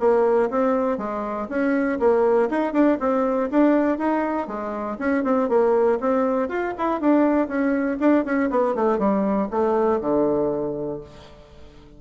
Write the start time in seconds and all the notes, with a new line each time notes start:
0.00 A#3
0.50 C4
0.98 G#3
1.49 C#4
2.00 A#3
2.50 D#4
2.73 D4
3.00 C4
3.51 D4
3.98 D#4
4.47 G#3
4.99 C#4
5.24 C4
5.49 A#3
6.00 C4
6.49 F4
6.78 E4
7.01 D4
7.48 C#4
8.00 D4
8.25 C#4
8.50 B3
8.75 A3
8.99 G3
9.51 A3
10.01 D3